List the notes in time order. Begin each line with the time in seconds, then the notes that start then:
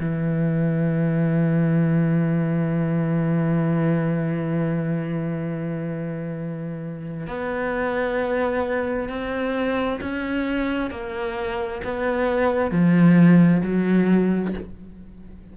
0.00 E3
7.27 B3
9.09 C4
10.01 C#4
10.91 A#3
11.84 B3
12.71 F3
13.63 F#3